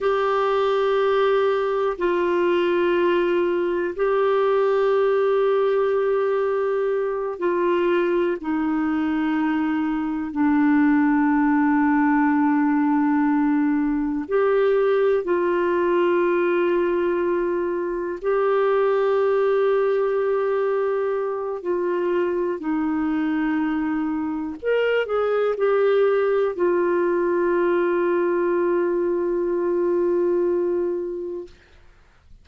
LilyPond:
\new Staff \with { instrumentName = "clarinet" } { \time 4/4 \tempo 4 = 61 g'2 f'2 | g'2.~ g'8 f'8~ | f'8 dis'2 d'4.~ | d'2~ d'8 g'4 f'8~ |
f'2~ f'8 g'4.~ | g'2 f'4 dis'4~ | dis'4 ais'8 gis'8 g'4 f'4~ | f'1 | }